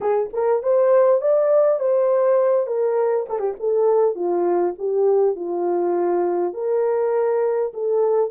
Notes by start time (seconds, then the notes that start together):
0.00 G#4
0.33 A#4
0.62 C5
1.21 D5
1.79 C5
2.67 A#4
3.29 A4
3.39 G4
3.59 A4
4.14 F4
4.78 G4
5.35 F4
6.53 A#4
7.73 A4